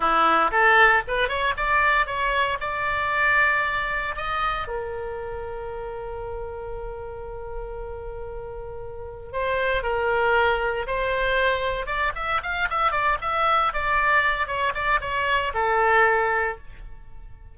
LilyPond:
\new Staff \with { instrumentName = "oboe" } { \time 4/4 \tempo 4 = 116 e'4 a'4 b'8 cis''8 d''4 | cis''4 d''2. | dis''4 ais'2.~ | ais'1~ |
ais'2 c''4 ais'4~ | ais'4 c''2 d''8 e''8 | f''8 e''8 d''8 e''4 d''4. | cis''8 d''8 cis''4 a'2 | }